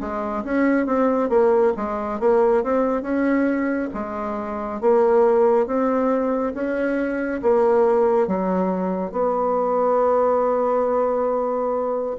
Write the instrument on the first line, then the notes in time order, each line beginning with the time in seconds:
bassoon
0.00 G#3
0.44 C#4
0.86 C4
1.29 A#3
1.77 G#3
2.20 A#3
2.63 C4
3.02 C#4
3.94 G#3
4.81 A#3
5.66 C4
6.54 C#4
7.42 A#3
8.27 F#3
9.12 B3